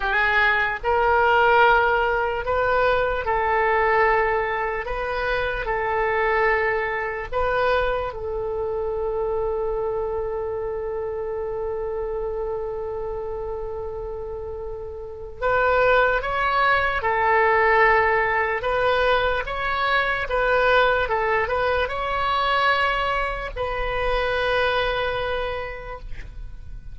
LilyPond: \new Staff \with { instrumentName = "oboe" } { \time 4/4 \tempo 4 = 74 gis'4 ais'2 b'4 | a'2 b'4 a'4~ | a'4 b'4 a'2~ | a'1~ |
a'2. b'4 | cis''4 a'2 b'4 | cis''4 b'4 a'8 b'8 cis''4~ | cis''4 b'2. | }